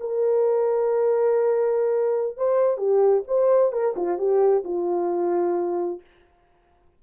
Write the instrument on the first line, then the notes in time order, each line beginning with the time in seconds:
horn
0.00 A#4
2.37 C5
2.77 G4
3.27 C5
3.72 A#4
3.96 F4
4.18 G4
4.64 F4